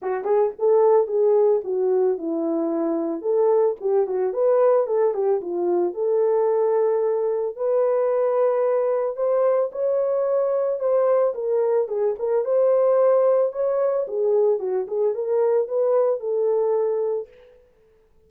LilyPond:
\new Staff \with { instrumentName = "horn" } { \time 4/4 \tempo 4 = 111 fis'8 gis'8 a'4 gis'4 fis'4 | e'2 a'4 g'8 fis'8 | b'4 a'8 g'8 f'4 a'4~ | a'2 b'2~ |
b'4 c''4 cis''2 | c''4 ais'4 gis'8 ais'8 c''4~ | c''4 cis''4 gis'4 fis'8 gis'8 | ais'4 b'4 a'2 | }